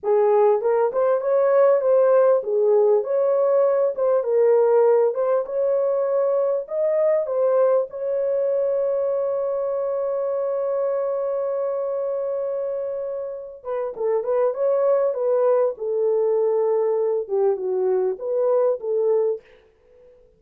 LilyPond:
\new Staff \with { instrumentName = "horn" } { \time 4/4 \tempo 4 = 99 gis'4 ais'8 c''8 cis''4 c''4 | gis'4 cis''4. c''8 ais'4~ | ais'8 c''8 cis''2 dis''4 | c''4 cis''2.~ |
cis''1~ | cis''2~ cis''8 b'8 a'8 b'8 | cis''4 b'4 a'2~ | a'8 g'8 fis'4 b'4 a'4 | }